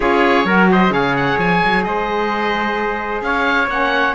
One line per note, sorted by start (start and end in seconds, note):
0.00 0.44 C#4
0.00 0.45 F4
0.00 0.45 G#4
0.00 0.66 C#5
0.44 0.90 F#3
0.44 0.89 F#4
0.44 0.69 A#4
0.71 0.92 C5
0.71 0.92 D#5
0.89 1.36 C#3
0.89 3.66 G#4
0.89 1.85 C#5
0.89 1.15 F5
1.15 1.38 F#5
1.38 1.61 F3
1.38 1.84 G#5
1.64 1.85 F#3
1.84 3.21 G#3
1.84 3.24 C5
1.84 3.22 D#5
3.21 3.67 C#4
3.21 4.14 C#5
3.21 3.68 F5
3.67 4.13 A#3
3.67 4.14 C#4
3.67 4.14 F#5